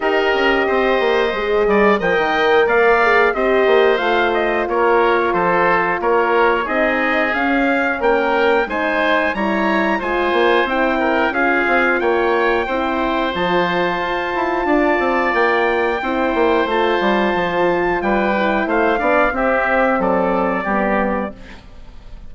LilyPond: <<
  \new Staff \with { instrumentName = "trumpet" } { \time 4/4 \tempo 4 = 90 dis''2. g''4 | f''4 dis''4 f''8 dis''8 cis''4 | c''4 cis''4 dis''4 f''4 | g''4 gis''4 ais''4 gis''4 |
g''4 f''4 g''2 | a''2. g''4~ | g''4 a''2 g''4 | f''4 e''4 d''2 | }
  \new Staff \with { instrumentName = "oboe" } { \time 4/4 ais'4 c''4. d''8 dis''4 | d''4 c''2 ais'4 | a'4 ais'4 gis'2 | ais'4 c''4 cis''4 c''4~ |
c''8 ais'8 gis'4 cis''4 c''4~ | c''2 d''2 | c''2. b'4 | c''8 d''8 g'4 a'4 g'4 | }
  \new Staff \with { instrumentName = "horn" } { \time 4/4 g'2 gis'4 ais'4~ | ais'8 gis'8 g'4 f'2~ | f'2 dis'4 cis'4~ | cis'4 dis'4 e'4 f'4 |
e'4 f'2 e'4 | f'1 | e'4 f'2~ f'8 e'8~ | e'8 d'8 c'2 b4 | }
  \new Staff \with { instrumentName = "bassoon" } { \time 4/4 dis'8 cis'8 c'8 ais8 gis8 g8 f16 dis8. | ais4 c'8 ais8 a4 ais4 | f4 ais4 c'4 cis'4 | ais4 gis4 g4 gis8 ais8 |
c'4 cis'8 c'8 ais4 c'4 | f4 f'8 e'8 d'8 c'8 ais4 | c'8 ais8 a8 g8 f4 g4 | a8 b8 c'4 fis4 g4 | }
>>